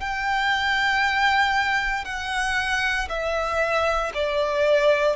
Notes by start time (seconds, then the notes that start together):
0.00 G5
2.05 F#5
3.09 E5
4.14 D5